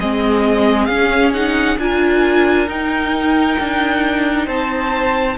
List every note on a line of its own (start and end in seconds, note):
0.00 0.88 G#3
0.00 0.89 C4
0.00 1.79 G#4
0.00 0.86 D#5
0.86 1.77 C#4
0.86 1.34 C#4
0.86 1.30 F5
1.34 1.79 D#4
1.34 1.79 F#5
1.78 2.68 D4
1.78 2.67 F4
1.78 4.46 A#4
1.78 2.69 G#5
2.67 5.36 D#4
2.67 3.57 D#4
2.67 4.48 G5
3.59 4.47 D4
4.46 5.37 C4
4.46 5.36 C5
4.46 5.37 A5